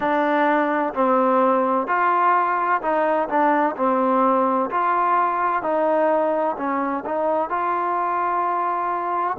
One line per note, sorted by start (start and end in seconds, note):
0.00 0.93 D4
0.94 1.87 C4
1.87 2.81 F4
2.81 3.28 D#4
3.28 3.75 D4
3.76 4.70 C4
4.70 5.62 F4
5.62 6.56 D#4
6.57 7.04 C#4
7.05 7.49 D#4
7.49 9.37 F4